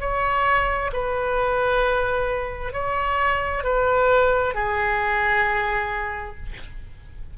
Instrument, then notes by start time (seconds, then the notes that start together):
oboe
0.00 C#5
0.93 B4
2.73 C#5
3.64 B4
4.54 G#4